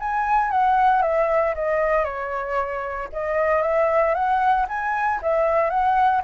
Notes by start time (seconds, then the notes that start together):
0.00 G#5
0.51 F#5
1.02 E5
1.55 D#5
2.05 C#5
3.13 D#5
3.62 E5
4.15 F#5
4.68 G#5
5.22 E5
5.70 F#5